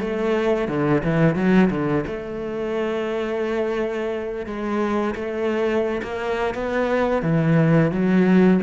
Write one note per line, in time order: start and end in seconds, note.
0.00 0.68 A3
0.68 1.03 D3
1.03 1.35 E3
1.35 1.70 F#3
1.71 2.05 D3
2.07 4.46 A3
4.46 5.15 G#3
5.15 6.02 A3
6.03 6.54 A#3
6.54 7.23 B3
7.23 7.92 E3
7.92 8.61 F#3